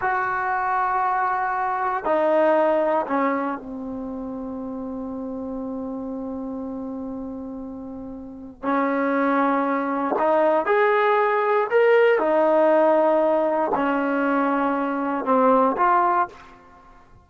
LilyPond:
\new Staff \with { instrumentName = "trombone" } { \time 4/4 \tempo 4 = 118 fis'1 | dis'2 cis'4 c'4~ | c'1~ | c'1~ |
c'4 cis'2. | dis'4 gis'2 ais'4 | dis'2. cis'4~ | cis'2 c'4 f'4 | }